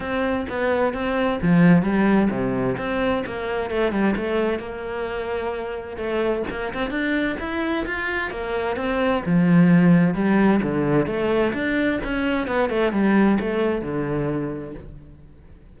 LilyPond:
\new Staff \with { instrumentName = "cello" } { \time 4/4 \tempo 4 = 130 c'4 b4 c'4 f4 | g4 c4 c'4 ais4 | a8 g8 a4 ais2~ | ais4 a4 ais8 c'8 d'4 |
e'4 f'4 ais4 c'4 | f2 g4 d4 | a4 d'4 cis'4 b8 a8 | g4 a4 d2 | }